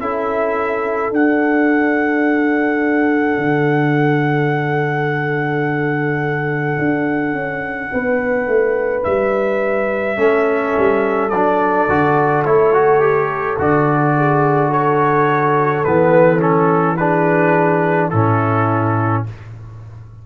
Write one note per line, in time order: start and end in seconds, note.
0.00 1.12 C#4
0.00 1.12 E4
0.00 7.92 A4
0.00 1.14 E5
1.12 3.38 D4
1.12 10.17 D4
1.12 9.04 F#5
3.38 6.78 D3
6.79 7.33 D4
7.33 7.89 C#4
7.92 8.47 B3
7.92 10.17 B4
8.47 9.04 A3
9.04 10.17 G3
9.04 11.30 E5
10.17 10.73 A3
10.17 11.30 C#4
10.17 14.13 A4
10.78 11.32 G3
11.30 11.88 F#3
11.30 11.89 D4
11.30 12.43 D5
11.89 12.45 D3
11.89 12.46 F#4
12.45 13.58 A3
12.45 12.74 E4
12.45 13.59 C#5
12.74 13.01 F#4
13.01 13.57 G4
13.59 15.85 D3
13.59 15.85 F#4
13.59 14.72 D5
14.17 14.70 G#4
14.70 16.96 A4
14.70 15.84 C#5
15.84 18.13 E3
15.84 16.39 B3
15.84 16.41 B4
16.39 16.96 C#4
16.39 16.97 A4
16.97 18.13 D4
16.97 18.10 G#4
16.97 18.10 B4
18.10 19.26 A2
18.10 19.27 C#4
18.10 19.25 E4
18.10 19.23 A4